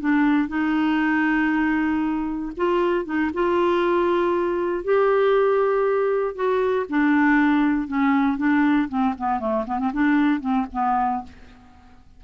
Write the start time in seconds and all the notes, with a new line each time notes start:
0.00 D4
0.49 D#4
2.57 F4
3.05 D#4
3.34 F4
4.84 G4
6.35 F#4
6.89 D4
7.88 C#4
8.38 D4
8.89 C4
9.18 B3
9.40 A3
9.67 B3
9.79 C4
9.93 D4
10.41 C4
10.73 B3